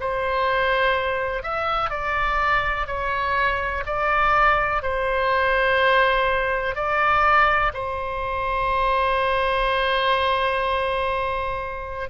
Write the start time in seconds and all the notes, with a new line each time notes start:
0.00 C5
1.43 E5
1.90 D5
2.87 C#5
3.86 D5
4.82 C5
6.75 D5
7.74 C5